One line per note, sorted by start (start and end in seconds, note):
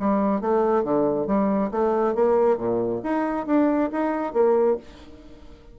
0.00 0.41 G3
0.41 0.84 A3
0.84 1.27 D3
1.27 1.71 G3
1.72 2.15 A3
2.16 2.58 A#3
2.58 3.02 A#2
3.04 3.47 D#4
3.47 3.91 D4
3.92 4.34 D#4
4.34 4.78 A#3